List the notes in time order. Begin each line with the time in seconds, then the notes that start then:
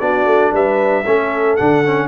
0.00 B3 D4 F#4 D5
0.25 A3
0.52 G3 B4 E5
1.06 A3 C#4 A4
1.56 D3 D4 F#5
1.85 C#4